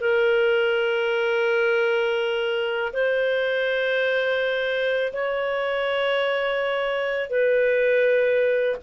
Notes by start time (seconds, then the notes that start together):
0.00 A#4
2.93 C5
5.13 C#5
7.30 B4